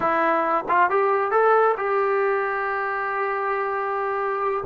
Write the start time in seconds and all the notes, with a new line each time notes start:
0.00 E4
0.68 F4
0.89 G4
1.31 A4
1.77 G4